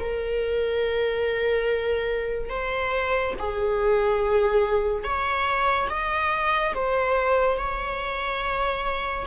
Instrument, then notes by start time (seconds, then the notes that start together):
viola
0.00 A#4
2.50 C5
3.40 G#4
5.04 C#5
5.90 D#5
6.75 C5
7.58 C#5